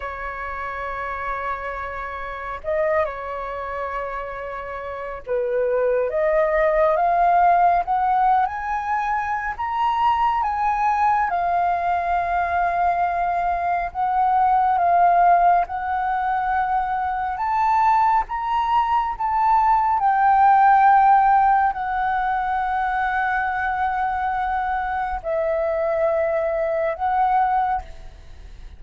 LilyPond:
\new Staff \with { instrumentName = "flute" } { \time 4/4 \tempo 4 = 69 cis''2. dis''8 cis''8~ | cis''2 b'4 dis''4 | f''4 fis''8. gis''4~ gis''16 ais''4 | gis''4 f''2. |
fis''4 f''4 fis''2 | a''4 ais''4 a''4 g''4~ | g''4 fis''2.~ | fis''4 e''2 fis''4 | }